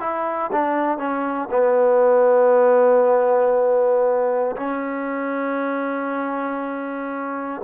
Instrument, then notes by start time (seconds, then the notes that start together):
trombone
0.00 E4
0.52 D4
0.98 C#4
1.51 B3
4.56 C#4